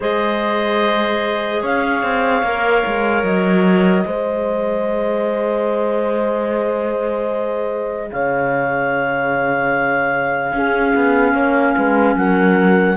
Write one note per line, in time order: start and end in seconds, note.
0.00 1.62 G#3
0.00 2.44 G#4
0.00 1.61 C5
0.00 1.64 D#5
1.62 2.02 C#4
1.62 4.05 C#5
1.62 3.23 F5
2.02 2.42 C4
2.42 2.82 A#3
2.42 4.04 A#4
2.86 3.23 G#3
3.23 4.04 F#3
3.23 8.10 D#5
4.04 8.11 G#3
4.04 10.53 G#4
4.04 8.11 C5
8.11 10.52 C#3
8.11 10.55 C#5
8.11 12.16 F5
10.52 10.93 C#4
10.52 12.96 C#4
10.52 11.33 G#4
10.95 11.34 B3
11.33 11.74 A#3
11.33 11.73 C#5
11.76 12.15 G#3
11.76 12.17 B4
12.15 12.96 F#3
12.15 12.96 A#4
12.15 12.96 F#5